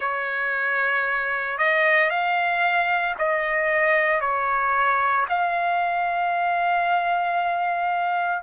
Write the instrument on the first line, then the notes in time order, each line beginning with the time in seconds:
trumpet
0.00 C#5
1.57 D#5
2.10 F5
3.18 D#5
4.21 C#5
5.28 F5